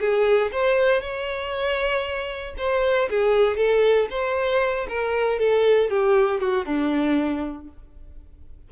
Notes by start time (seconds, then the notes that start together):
0.00 G#4
0.52 C5
1.01 C#5
2.58 C5
3.10 G#4
3.57 A4
4.10 C5
4.89 A#4
5.39 A4
5.90 G4
6.40 F#4
6.65 D4